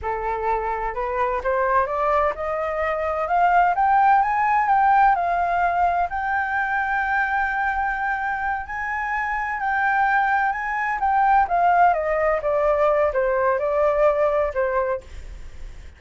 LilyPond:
\new Staff \with { instrumentName = "flute" } { \time 4/4 \tempo 4 = 128 a'2 b'4 c''4 | d''4 dis''2 f''4 | g''4 gis''4 g''4 f''4~ | f''4 g''2.~ |
g''2~ g''8 gis''4.~ | gis''8 g''2 gis''4 g''8~ | g''8 f''4 dis''4 d''4. | c''4 d''2 c''4 | }